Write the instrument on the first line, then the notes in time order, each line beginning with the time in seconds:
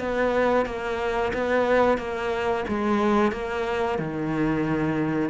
cello
0.00 B3
0.66 A#3
1.34 B3
1.98 A#3
2.69 G#3
3.32 A#3
3.99 D#3